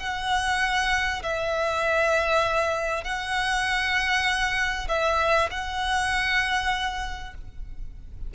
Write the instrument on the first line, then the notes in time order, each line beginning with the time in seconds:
violin
0.00 F#5
1.23 E5
3.04 F#5
4.89 E5
5.51 F#5